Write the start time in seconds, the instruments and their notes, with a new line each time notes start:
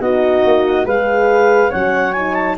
0.00 tuba B3, horn D#4, flute F#4, clarinet D#5
0.44 tuba A#3
0.84 tuba G#3, horn G#4, flute B4, clarinet F5
1.70 tuba F#3, horn C#4, flute C#5, clarinet F#5
2.12 horn D#4, clarinet G#5
2.34 clarinet A5